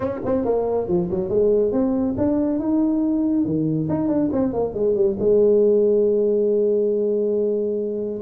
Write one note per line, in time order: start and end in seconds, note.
0.00 0.19 C#4
0.25 0.44 C4
0.44 0.88 A#3
0.88 1.09 F3
1.10 1.29 F#3
1.29 1.71 G#3
1.71 2.15 C4
2.17 2.59 D4
2.59 3.45 D#4
3.45 3.88 D#3
3.89 4.08 D#4
4.08 4.29 D4
4.32 4.53 C4
4.53 4.74 A#3
4.74 4.95 G#3
4.95 5.16 G3
5.19 8.21 G#3